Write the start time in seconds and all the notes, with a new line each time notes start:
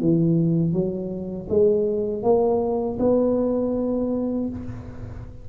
0.00 E3
0.72 F#3
1.49 G#3
2.23 A#3
2.99 B3